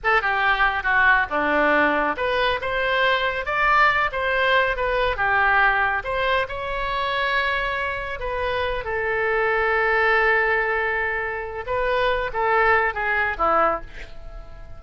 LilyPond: \new Staff \with { instrumentName = "oboe" } { \time 4/4 \tempo 4 = 139 a'8 g'4. fis'4 d'4~ | d'4 b'4 c''2 | d''4. c''4. b'4 | g'2 c''4 cis''4~ |
cis''2. b'4~ | b'8 a'2.~ a'8~ | a'2. b'4~ | b'8 a'4. gis'4 e'4 | }